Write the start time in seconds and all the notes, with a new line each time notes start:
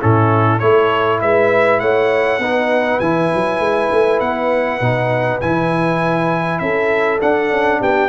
0.00 A2 C#4 E4 A4
0.60 A3 E4 A4 C#5
1.22 G#3 B4 E5
1.80 A3 C#5 F#5
2.39 B3 D#4 B4
3.00 E3 E4 G#5
3.35 F#3
3.60 G#3
3.92 A3
4.21 B3 F#5
4.81 B2 D#4
5.41 E3 E4 G#5
6.59 C#4 A4 E5
7.21 D4 F#5
7.51 C#4
7.81 B3 G4 G5